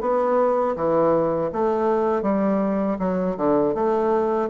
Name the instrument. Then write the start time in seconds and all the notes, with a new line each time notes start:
bassoon
0.00 B3
0.75 E3
1.52 A3
2.22 G3
2.99 F#3
3.37 D3
3.74 A3